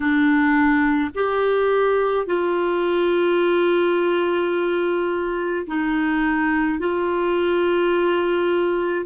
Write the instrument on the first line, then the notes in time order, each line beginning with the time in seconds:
clarinet
0.00 D4
1.14 G4
2.26 F4
5.67 D#4
6.79 F4